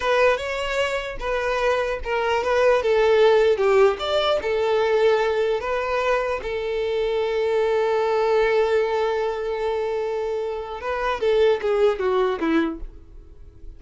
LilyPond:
\new Staff \with { instrumentName = "violin" } { \time 4/4 \tempo 4 = 150 b'4 cis''2 b'4~ | b'4 ais'4 b'4 a'4~ | a'4 g'4 d''4 a'4~ | a'2 b'2 |
a'1~ | a'1~ | a'2. b'4 | a'4 gis'4 fis'4 e'4 | }